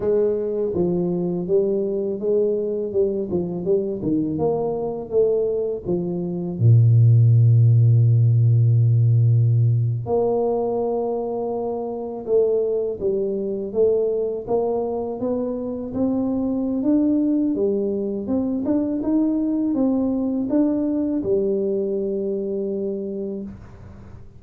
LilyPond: \new Staff \with { instrumentName = "tuba" } { \time 4/4 \tempo 4 = 82 gis4 f4 g4 gis4 | g8 f8 g8 dis8 ais4 a4 | f4 ais,2.~ | ais,4.~ ais,16 ais2~ ais16~ |
ais8. a4 g4 a4 ais16~ | ais8. b4 c'4~ c'16 d'4 | g4 c'8 d'8 dis'4 c'4 | d'4 g2. | }